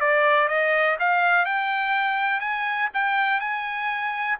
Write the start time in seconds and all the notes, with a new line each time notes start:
0.00 D5
0.48 D#5
0.99 F5
1.45 G5
2.40 G#5
2.94 G5
3.40 G#5